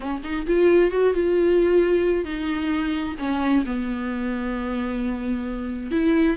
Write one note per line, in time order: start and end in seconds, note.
0.00 0.21 C#4
0.23 0.46 D#4
0.46 0.91 F4
0.91 1.13 F#4
1.13 2.24 F4
2.24 3.15 D#4
3.19 3.64 C#4
3.65 5.91 B3
5.91 6.36 E4